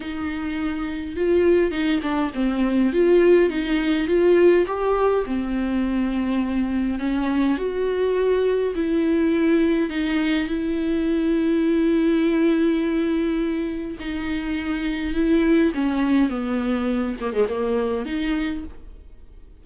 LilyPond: \new Staff \with { instrumentName = "viola" } { \time 4/4 \tempo 4 = 103 dis'2 f'4 dis'8 d'8 | c'4 f'4 dis'4 f'4 | g'4 c'2. | cis'4 fis'2 e'4~ |
e'4 dis'4 e'2~ | e'1 | dis'2 e'4 cis'4 | b4. ais16 gis16 ais4 dis'4 | }